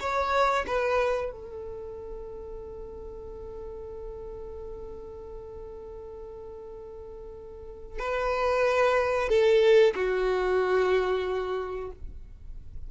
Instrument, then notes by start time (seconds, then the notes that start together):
violin
0.00 C#5
0.67 B4
1.32 A4
7.99 B4
9.29 A4
9.95 F#4